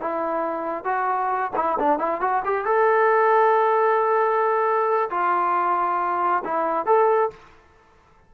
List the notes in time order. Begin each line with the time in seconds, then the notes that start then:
0.00 E4
0.84 F#4
1.55 E4
1.79 D4
1.98 E4
2.20 F#4
2.44 G4
2.65 A4
5.10 F4
6.44 E4
6.86 A4